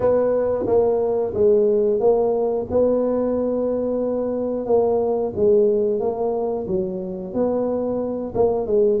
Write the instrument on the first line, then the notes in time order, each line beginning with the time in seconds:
tuba
0.00 B3
0.66 A#3
1.33 G#3
1.99 A#3
2.70 B3
4.66 A#3
5.35 G#3
5.99 A#3
6.67 F#3
7.33 B3
8.35 A#3
8.66 G#3